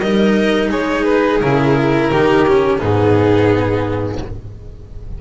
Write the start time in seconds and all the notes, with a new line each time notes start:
0.00 G3 D#4 A#4 D#5
0.70 G#3 G#4 C#5
1.04 B4
1.41 C#3 E4 A#4
2.11 D#3 D#4 G4
2.47 C#4
2.78 G#2 B3 D#4 G#4